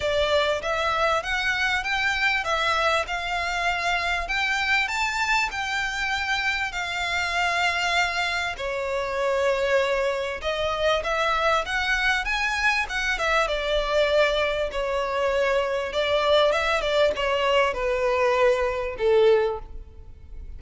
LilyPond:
\new Staff \with { instrumentName = "violin" } { \time 4/4 \tempo 4 = 98 d''4 e''4 fis''4 g''4 | e''4 f''2 g''4 | a''4 g''2 f''4~ | f''2 cis''2~ |
cis''4 dis''4 e''4 fis''4 | gis''4 fis''8 e''8 d''2 | cis''2 d''4 e''8 d''8 | cis''4 b'2 a'4 | }